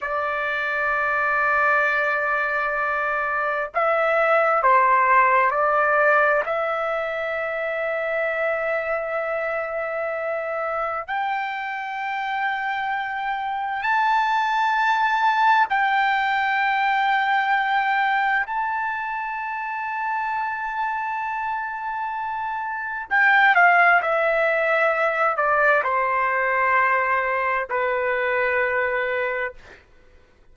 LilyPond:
\new Staff \with { instrumentName = "trumpet" } { \time 4/4 \tempo 4 = 65 d''1 | e''4 c''4 d''4 e''4~ | e''1 | g''2. a''4~ |
a''4 g''2. | a''1~ | a''4 g''8 f''8 e''4. d''8 | c''2 b'2 | }